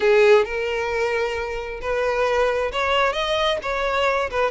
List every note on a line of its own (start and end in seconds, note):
0.00 0.44 G#4
0.44 1.80 A#4
1.81 2.71 B4
2.71 3.12 C#5
3.12 3.57 D#5
3.62 4.30 C#5
4.30 4.51 B4